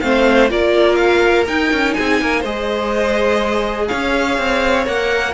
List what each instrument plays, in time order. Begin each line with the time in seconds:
0.00 cello A3, viola C4, violin C5 F5
0.48 cello A#3, viola F4, violin A#4 D5
0.96 violin F5
1.47 viola D#4, cello D#4, violin G5
1.72 cello C#4
1.93 cello C4, violin G#4 G#5
2.21 cello A#3, violin A#4
2.40 cello G#3, viola G#4, violin C5 D#5
3.87 cello C#4, violin C#5 F5
4.38 cello C4
4.85 cello A#3, viola A#4, violin F#5